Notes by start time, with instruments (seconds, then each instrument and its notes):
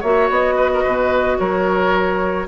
0.00 bassoon A#3, clarinet F#4, oboe C#5, flute E5
0.30 bassoon B3, flute D#5
0.56 oboe B4
0.74 oboe A#4
0.83 bassoon B2, oboe B4
1.38 bassoon F#3, oboe A#4, flute C#5